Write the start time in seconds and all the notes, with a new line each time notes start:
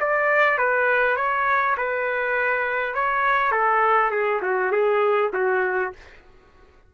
0.00 D5
0.58 B4
1.17 C#5
1.77 B4
2.95 C#5
3.52 A4
4.11 G#4
4.42 F#4
4.72 G#4
5.34 F#4